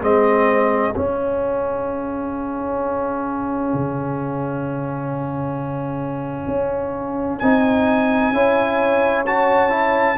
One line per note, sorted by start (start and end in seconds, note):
0.00 0.94 G#3
0.00 0.94 C4
0.00 8.31 G#4
0.00 0.95 D#5
0.95 7.42 C#4
0.95 3.74 C#4
0.95 7.39 F5
3.74 6.48 C#3
6.48 7.40 C#4
7.39 8.32 C4
7.39 8.34 D#4
7.39 9.23 G#5
8.32 10.17 C#4
8.32 9.26 E4
8.32 10.18 C#5
9.26 9.70 F#4
9.26 10.18 A5
9.70 10.16 E4